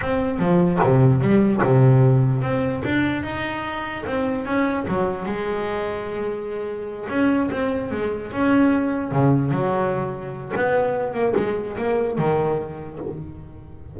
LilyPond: \new Staff \with { instrumentName = "double bass" } { \time 4/4 \tempo 4 = 148 c'4 f4 c4 g4 | c2 c'4 d'4 | dis'2 c'4 cis'4 | fis4 gis2.~ |
gis4. cis'4 c'4 gis8~ | gis8 cis'2 cis4 fis8~ | fis2 b4. ais8 | gis4 ais4 dis2 | }